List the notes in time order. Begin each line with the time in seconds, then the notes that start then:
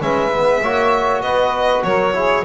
0.00 G#3 C#4 B4 E5
0.31 B3
0.61 A#3 F#4 C#5
1.22 B3 B4 D#5
1.84 F#3 A#4 C#5
2.13 E4 G#4